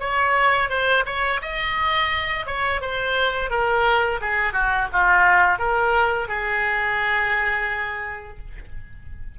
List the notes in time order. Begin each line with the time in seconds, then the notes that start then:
0.00 C#5
0.69 C5
1.06 C#5
1.42 D#5
2.46 C#5
2.81 C5
3.50 A#4
4.21 G#4
4.53 F#4
4.93 F4
5.59 A#4
6.29 G#4